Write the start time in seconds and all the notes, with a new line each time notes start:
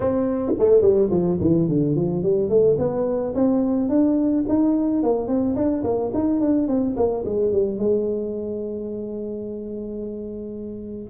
0.00 C4
0.59 A3
0.81 G3
1.10 F3
1.40 E3
1.68 D3
1.95 F3
2.22 G3
2.49 A3
2.78 B3
3.34 C4
3.89 D4
4.48 D#4
5.02 A#3
5.27 C4
5.55 D4
5.83 A#3
6.14 D#4
6.40 D4
6.67 C4
6.96 A#3
7.25 G#3
7.52 G3
7.78 G#3